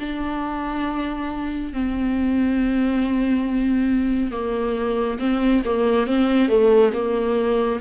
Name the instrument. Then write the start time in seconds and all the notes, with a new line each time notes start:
viola
0.00 D4
1.73 C4
4.32 A#3
5.19 C4
5.65 A#3
6.07 C4
6.49 A3
6.93 A#3